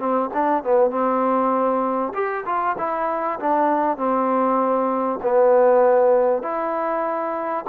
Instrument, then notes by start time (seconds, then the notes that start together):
trombone
0.00 C4
0.34 D4
0.64 B3
0.91 C4
2.15 G4
2.46 F4
2.78 E4
3.40 D4
3.98 C4
5.23 B3
6.43 E4